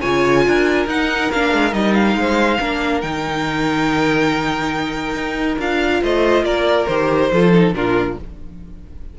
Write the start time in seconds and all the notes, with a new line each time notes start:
0.00 C#3 F4 C#5 G#5
0.47 D4 A#4
0.86 D#4 F#5
1.31 A#3 D4 F5
1.52 G#3
1.71 G3 D#4 D#5
1.94 F5
2.15 G#3 C5
2.59 A#3 D4 A#4
3.01 D#3 D#4 G5
5.14 D#4
5.58 D4 F4 F5
6.02 A3 C5 D#5
6.43 A#3 A#4 D5
6.86 D#3 G4 C5
7.31 F3 F4 A4
7.52 D#4
7.72 A#2 D4 F4 A#4